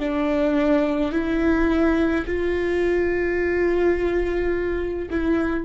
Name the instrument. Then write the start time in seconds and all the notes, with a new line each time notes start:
viola
0.00 D4
1.12 E4
2.26 F4
5.11 E4